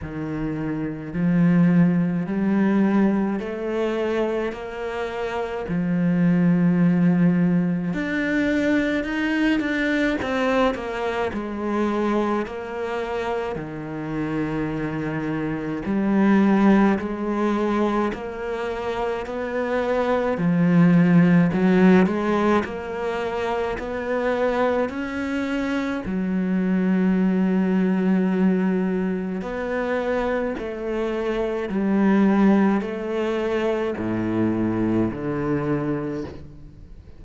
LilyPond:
\new Staff \with { instrumentName = "cello" } { \time 4/4 \tempo 4 = 53 dis4 f4 g4 a4 | ais4 f2 d'4 | dis'8 d'8 c'8 ais8 gis4 ais4 | dis2 g4 gis4 |
ais4 b4 f4 fis8 gis8 | ais4 b4 cis'4 fis4~ | fis2 b4 a4 | g4 a4 a,4 d4 | }